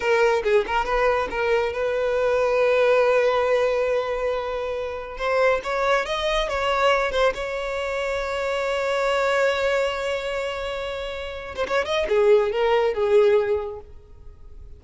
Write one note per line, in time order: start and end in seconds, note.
0.00 0.42 A#4
0.43 0.65 G#4
0.67 0.85 A#4
0.85 1.28 B4
1.30 1.72 A#4
1.72 5.17 B4
5.17 5.60 C5
5.63 6.05 C#5
6.05 6.48 D#5
6.48 7.11 C#5
7.11 7.33 C5
7.34 11.55 C#5
11.55 11.66 C5
11.67 11.85 C#5
11.85 12.06 D#5
12.08 12.51 G#4
12.52 12.93 A#4
12.93 13.80 G#4